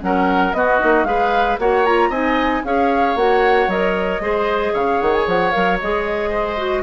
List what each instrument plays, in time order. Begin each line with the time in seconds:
0.00 bassoon F#3, clarinet C#4, oboe A#4, flute F#5
0.53 bassoon B3, clarinet B3, oboe F#4, flute D#5
0.79 bassoon A#3, clarinet D#4
1.04 bassoon G#3, clarinet G#4, oboe B4, flute F5
1.59 bassoon A#3, clarinet F#4, oboe C#5, flute F#5
1.85 clarinet F4, flute A#5
2.09 bassoon C4, clarinet D#4, oboe D#5, flute G#5
2.64 bassoon C#4, clarinet G#4, oboe C#5, flute F5
3.15 bassoon A#3, clarinet F#4, flute F#5
3.67 bassoon F#3, clarinet A#4, flute D#5
4.20 bassoon G#3, clarinet G#4, oboe C5
4.73 bassoon C#3, oboe C#5, flute F5
5.01 bassoon D#3, flute F#5
5.14 flute G#5
5.27 bassoon F3, flute F#5
5.51 bassoon F#3, clarinet A#4, flute F5
5.80 bassoon G#3, clarinet G#4, flute D#5
6.30 oboe C5
6.57 clarinet F#4